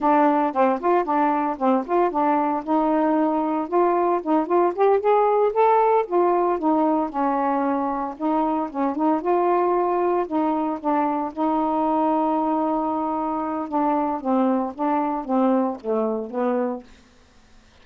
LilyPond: \new Staff \with { instrumentName = "saxophone" } { \time 4/4 \tempo 4 = 114 d'4 c'8 f'8 d'4 c'8 f'8 | d'4 dis'2 f'4 | dis'8 f'8 g'8 gis'4 a'4 f'8~ | f'8 dis'4 cis'2 dis'8~ |
dis'8 cis'8 dis'8 f'2 dis'8~ | dis'8 d'4 dis'2~ dis'8~ | dis'2 d'4 c'4 | d'4 c'4 a4 b4 | }